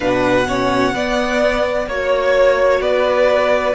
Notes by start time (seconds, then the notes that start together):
0.00 B2 D4 B4 F#5
0.47 C#4 C#5
0.93 B3 D5
1.87 A#3 F#4 C#5
2.80 B3 B4 D5